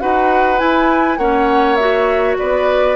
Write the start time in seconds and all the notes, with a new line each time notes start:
0.00 D#4 F#4 B4 F#5
0.58 E4 G#5
1.17 A#3 C#4 C#5 F#5
1.75 F#4 E5
2.38 B3 B4 D5